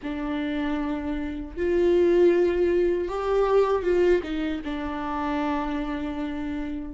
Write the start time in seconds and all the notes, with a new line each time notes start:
0.02 D4
1.57 F4
3.08 G4
3.83 F4
4.23 D#4
4.64 D4